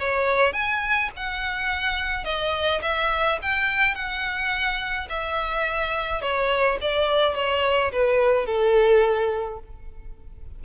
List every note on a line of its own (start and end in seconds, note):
0.00 0.54 C#5
0.54 1.10 G#5
1.17 2.25 F#5
2.25 2.81 D#5
2.83 3.39 E5
3.43 3.95 G5
3.95 5.08 F#5
5.10 6.22 E5
6.22 6.79 C#5
6.82 7.36 D5
7.36 7.92 C#5
7.93 8.47 B4
8.47 9.60 A4